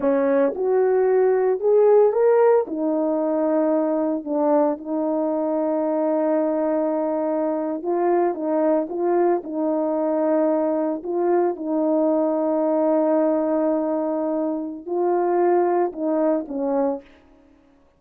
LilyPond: \new Staff \with { instrumentName = "horn" } { \time 4/4 \tempo 4 = 113 cis'4 fis'2 gis'4 | ais'4 dis'2. | d'4 dis'2.~ | dis'2~ dis'8. f'4 dis'16~ |
dis'8. f'4 dis'2~ dis'16~ | dis'8. f'4 dis'2~ dis'16~ | dis'1 | f'2 dis'4 cis'4 | }